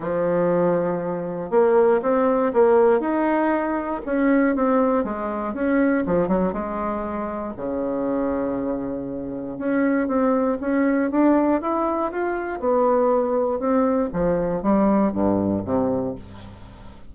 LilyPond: \new Staff \with { instrumentName = "bassoon" } { \time 4/4 \tempo 4 = 119 f2. ais4 | c'4 ais4 dis'2 | cis'4 c'4 gis4 cis'4 | f8 fis8 gis2 cis4~ |
cis2. cis'4 | c'4 cis'4 d'4 e'4 | f'4 b2 c'4 | f4 g4 g,4 c4 | }